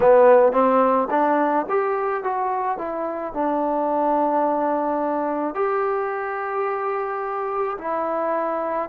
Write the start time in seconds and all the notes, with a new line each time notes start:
0.00 B3
0.52 C4
1.10 D4
1.69 G4
2.23 F#4
2.78 E4
3.33 D4
5.55 G4
7.78 E4